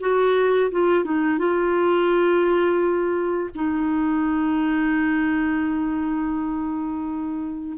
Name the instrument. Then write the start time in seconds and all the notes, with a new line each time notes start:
clarinet
0.00 F#4
0.71 F4
1.05 D#4
1.38 F4
3.55 D#4